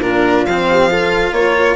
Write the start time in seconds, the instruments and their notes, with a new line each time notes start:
0.00 bassoon A#2, cello D4, horn F4, violin A#4
0.46 bassoon F3, cello C4, violin F5
0.71 horn G4
0.90 cello F4, horn A4
1.32 bassoon A#3, horn A#4, violin C#5